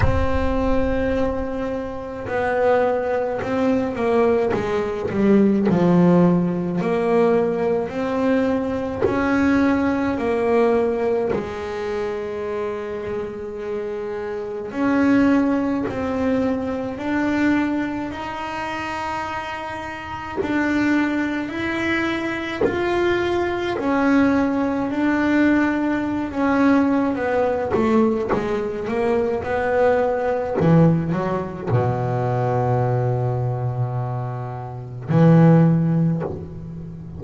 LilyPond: \new Staff \with { instrumentName = "double bass" } { \time 4/4 \tempo 4 = 53 c'2 b4 c'8 ais8 | gis8 g8 f4 ais4 c'4 | cis'4 ais4 gis2~ | gis4 cis'4 c'4 d'4 |
dis'2 d'4 e'4 | f'4 cis'4 d'4~ d'16 cis'8. | b8 a8 gis8 ais8 b4 e8 fis8 | b,2. e4 | }